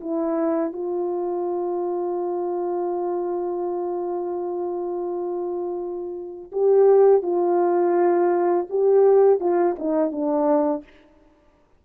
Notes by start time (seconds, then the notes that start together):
0.00 E4
0.73 F4
6.52 G4
7.22 F4
8.69 G4
9.40 F4
9.79 D#4
10.11 D4